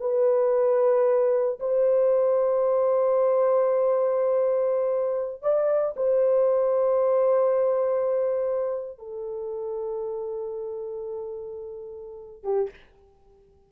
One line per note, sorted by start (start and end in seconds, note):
0.00 1.59 B4
1.60 5.42 C5
5.42 5.95 D5
5.96 8.98 C5
8.98 12.43 A4
12.43 12.70 G4